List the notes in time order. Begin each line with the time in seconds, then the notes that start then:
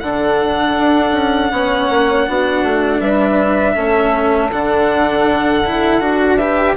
0.00 D3 D4 A4 F#5
0.78 D4
1.12 C#4
1.52 B3 C#4 C#5
1.90 A#3
2.27 B3 D4 F#4
2.63 A3
3.00 G3 B4 E5
3.73 A3 C#4 A4
4.52 D3 D4 F#5
5.65 E4
6.00 D4 F#4
6.37 G4 B4 E5